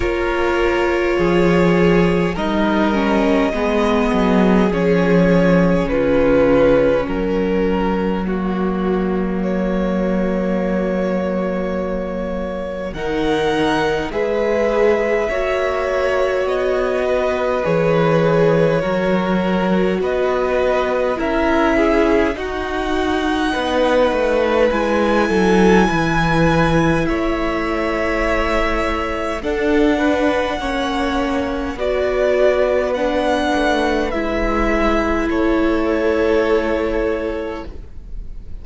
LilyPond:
<<
  \new Staff \with { instrumentName = "violin" } { \time 4/4 \tempo 4 = 51 cis''2 dis''2 | cis''4 b'4 ais'4 fis'4 | cis''2. fis''4 | e''2 dis''4 cis''4~ |
cis''4 dis''4 e''4 fis''4~ | fis''4 gis''2 e''4~ | e''4 fis''2 d''4 | fis''4 e''4 cis''2 | }
  \new Staff \with { instrumentName = "violin" } { \time 4/4 ais'4 gis'4 ais'4 gis'4~ | gis'4 f'4 fis'2~ | fis'2. ais'4 | b'4 cis''4. b'4. |
ais'4 b'4 ais'8 gis'8 fis'4 | b'4. a'8 b'4 cis''4~ | cis''4 a'8 b'8 cis''4 b'4~ | b'2 a'2 | }
  \new Staff \with { instrumentName = "viola" } { \time 4/4 f'2 dis'8 cis'8 b4 | cis'2. ais4~ | ais2. dis'4 | gis'4 fis'2 gis'4 |
fis'2 e'4 dis'4~ | dis'4 e'2.~ | e'4 d'4 cis'4 fis'4 | d'4 e'2. | }
  \new Staff \with { instrumentName = "cello" } { \time 4/4 ais4 f4 g4 gis8 fis8 | f4 cis4 fis2~ | fis2. dis4 | gis4 ais4 b4 e4 |
fis4 b4 cis'4 dis'4 | b8 a8 gis8 fis8 e4 a4~ | a4 d'4 ais4 b4~ | b8 a8 gis4 a2 | }
>>